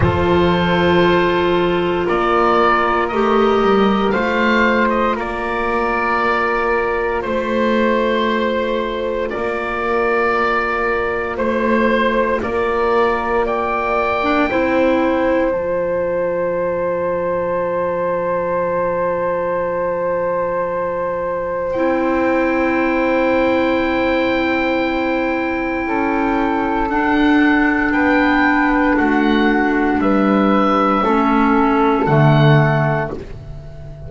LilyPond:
<<
  \new Staff \with { instrumentName = "oboe" } { \time 4/4 \tempo 4 = 58 c''2 d''4 dis''4 | f''8. dis''16 d''2 c''4~ | c''4 d''2 c''4 | d''4 g''2 a''4~ |
a''1~ | a''4 g''2.~ | g''2 fis''4 g''4 | fis''4 e''2 fis''4 | }
  \new Staff \with { instrumentName = "flute" } { \time 4/4 a'2 ais'2 | c''4 ais'2 c''4~ | c''4 ais'2 c''4 | ais'4 d''4 c''2~ |
c''1~ | c''1~ | c''4 a'2 b'4 | fis'4 b'4 a'2 | }
  \new Staff \with { instrumentName = "clarinet" } { \time 4/4 f'2. g'4 | f'1~ | f'1~ | f'4.~ f'16 d'16 e'4 f'4~ |
f'1~ | f'4 e'2.~ | e'2 d'2~ | d'2 cis'4 a4 | }
  \new Staff \with { instrumentName = "double bass" } { \time 4/4 f2 ais4 a8 g8 | a4 ais2 a4~ | a4 ais2 a4 | ais2 c'4 f4~ |
f1~ | f4 c'2.~ | c'4 cis'4 d'4 b4 | a4 g4 a4 d4 | }
>>